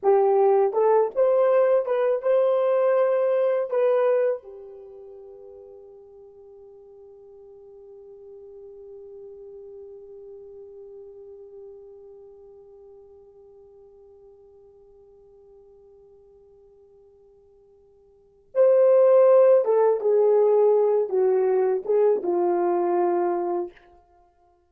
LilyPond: \new Staff \with { instrumentName = "horn" } { \time 4/4 \tempo 4 = 81 g'4 a'8 c''4 b'8 c''4~ | c''4 b'4 g'2~ | g'1~ | g'1~ |
g'1~ | g'1~ | g'4 c''4. a'8 gis'4~ | gis'8 fis'4 gis'8 f'2 | }